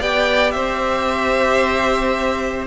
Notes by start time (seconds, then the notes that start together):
0.00 B3 G4 D5 G5
0.51 C4 C5 E5